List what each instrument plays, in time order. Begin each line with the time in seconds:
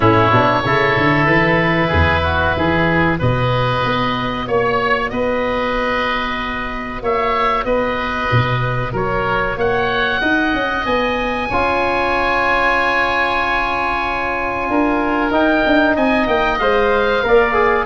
0.00 tuba A2, trombone C#4, oboe E4 C#5
0.31 tuba B2, trombone D4
0.64 tuba C#3, trombone E4, oboe A4
0.97 tuba D3
1.26 tuba E3, oboe B4
1.87 tuba E2, oboe G#4
2.23 oboe F#4
2.56 tuba E3, oboe G#4
3.17 tuba B2, trombone F#4, oboe B4 D#5
3.84 tuba B3
4.47 tuba A#3, oboe C#5
5.09 tuba B3, oboe B4 D#5
7.02 tuba A#3, oboe C#5 E5
7.64 tuba B3, oboe B4 D#5
8.31 tuba B2
8.92 tuba F#3, oboe A#4 C#5
9.56 tuba A#3, oboe C#5 F#5
10.20 tuba D#4, oboe D#5
10.53 tuba C#4
10.86 tuba B3, oboe G#5
11.49 tuba C#4, trombone F4, oboe C#5
14.69 tuba D4, oboe A#4
15.30 tuba D#4, trombone D#4, oboe G5
15.65 tuba D4
15.95 tuba C4, oboe D#5 G#5
16.27 tuba A#3, oboe G5
16.58 tuba G#3, trombone C5, oboe F5
17.23 tuba A#3, trombone A#4, oboe D5
17.53 trombone G#4